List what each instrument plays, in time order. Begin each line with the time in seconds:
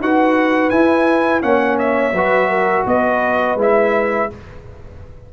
0.00 tuba D#4, trombone F#4, horn B4, trumpet F#5
0.70 trombone E4, tuba E4, trumpet G#5
1.41 tuba A#3, trombone C#4, horn C#5, trumpet F#5
1.79 trumpet E5
2.13 tuba F#3, trombone F#4, horn B4
2.50 horn A#4
2.86 tuba B3, horn B4, trumpet D#5
3.56 tuba G#3, trombone E4
3.62 trumpet E5